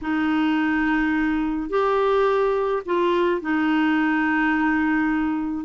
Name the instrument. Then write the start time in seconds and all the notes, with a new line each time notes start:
clarinet
0.01 D#4
1.69 G4
2.85 F4
3.41 D#4